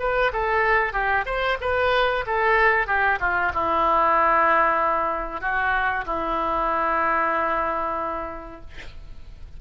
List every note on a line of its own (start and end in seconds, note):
0.00 0.32 B4
0.33 0.93 A4
0.93 1.25 G4
1.26 1.58 C5
1.61 2.25 B4
2.27 2.87 A4
2.87 3.19 G4
3.20 3.52 F4
3.54 5.41 E4
5.41 6.05 F#4
6.06 8.61 E4